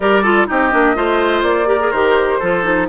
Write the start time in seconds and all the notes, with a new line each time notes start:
0.00 G3 G4 A#4 D5
0.22 F4 A4
0.46 C4 D#4 G4 D#5
0.71 A#3 D4
0.95 A3 F4 C5
1.43 A#3 D5
1.66 G4 A#4
1.79 G#4
1.91 D#3 G4 C5
2.39 F3 F4 A4
2.63 D#4